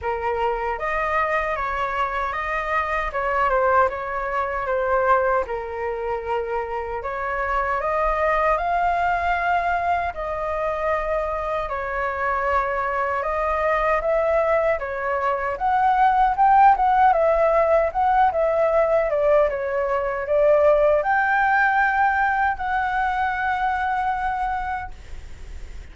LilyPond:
\new Staff \with { instrumentName = "flute" } { \time 4/4 \tempo 4 = 77 ais'4 dis''4 cis''4 dis''4 | cis''8 c''8 cis''4 c''4 ais'4~ | ais'4 cis''4 dis''4 f''4~ | f''4 dis''2 cis''4~ |
cis''4 dis''4 e''4 cis''4 | fis''4 g''8 fis''8 e''4 fis''8 e''8~ | e''8 d''8 cis''4 d''4 g''4~ | g''4 fis''2. | }